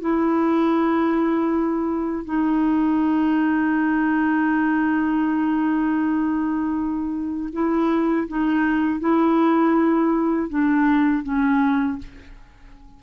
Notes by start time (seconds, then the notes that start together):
0.00 E4
2.24 D#4
7.52 E4
8.28 D#4
9.00 E4
10.49 D4
11.23 C#4